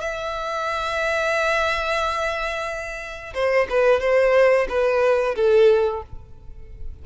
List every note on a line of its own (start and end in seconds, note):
0.00 3.33 E5
3.34 3.67 C5
3.69 4.00 B4
4.00 4.67 C5
4.68 5.35 B4
5.35 6.02 A4